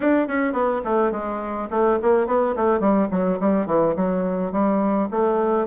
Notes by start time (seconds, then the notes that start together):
0.00 D4
0.27 C#4
0.52 B3
0.84 A3
1.11 G#3
1.70 A3
2.01 A#3
2.26 B3
2.56 A3
2.79 G3
3.10 F#3
3.40 G3
3.66 E3
3.96 F#3
4.52 G3
5.10 A3